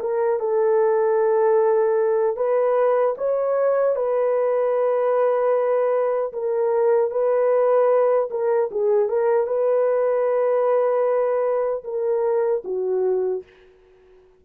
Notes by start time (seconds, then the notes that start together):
0.00 A#4
0.39 A4
2.36 B4
3.18 C#5
3.95 B4
6.33 A#4
7.11 B4
8.30 A#4
8.71 G#4
9.09 A#4
9.47 B4
11.84 A#4
12.64 F#4